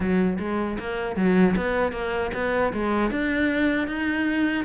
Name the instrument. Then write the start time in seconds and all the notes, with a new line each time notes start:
cello
0.00 F#3
0.39 G#3
0.79 A#3
1.16 F#3
1.56 B3
1.92 A#3
2.34 B3
2.73 G#3
3.10 D4
3.87 D#4